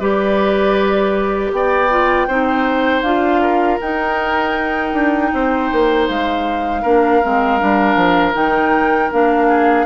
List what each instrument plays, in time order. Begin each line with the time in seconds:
0.00 bassoon G3, clarinet G4, oboe B4, flute D5
1.52 bassoon B3, oboe D5, flute G5
1.91 clarinet F4
2.28 bassoon C4, clarinet D#4, oboe C5
3.03 bassoon D4, clarinet F4, flute F5
3.42 oboe A#4
3.81 clarinet D#4, bassoon D#4, flute G5
4.93 bassoon D4
5.34 bassoon C4, oboe C5
5.73 bassoon A#3
6.08 bassoon G#3, flute F5
6.82 bassoon A#3, clarinet D4, oboe A#4
7.23 bassoon G#3, clarinet C4
7.60 bassoon G3, clarinet D4
7.96 bassoon F3
8.34 bassoon D#3, clarinet D#4, flute G5
9.12 bassoon A#3, clarinet D4, flute F5
9.48 oboe G#4